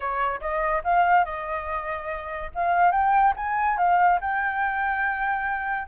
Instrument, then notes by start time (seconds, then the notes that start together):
flute
0.00 C#5
0.40 D#5
0.84 F5
1.24 D#5
2.54 F5
2.91 G5
3.36 G#5
3.77 F5
4.20 G5